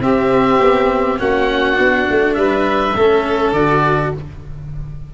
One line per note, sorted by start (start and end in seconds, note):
0.00 0.59 C4
0.00 1.18 C4
0.00 1.20 G4
0.00 1.20 E5
0.60 1.19 B3
1.18 1.79 A#3
1.18 1.74 C#4
1.18 2.38 F#4
1.18 2.34 F#5
1.74 2.08 B3
1.74 2.92 D4
2.10 2.36 A3
2.34 2.95 G3
2.34 2.96 B4
2.34 3.51 E5
2.95 3.53 A3
2.95 3.56 C#4
2.95 4.14 A4
3.53 4.11 D3
3.53 4.14 F#4
3.53 4.12 D5